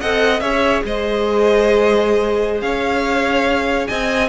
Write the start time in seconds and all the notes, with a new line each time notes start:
0.00 C4 A4 D#5 F#5
0.40 C#4 G#4 C#5 E5
0.84 G#3 C5 D#5
2.61 C#4 C#5 F5
3.87 C4 D#5 G#5